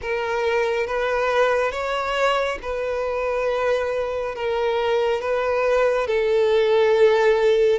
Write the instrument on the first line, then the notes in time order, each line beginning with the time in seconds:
violin
0.01 A#4
0.86 B4
1.71 C#5
2.62 B4
4.35 A#4
5.21 B4
6.07 A4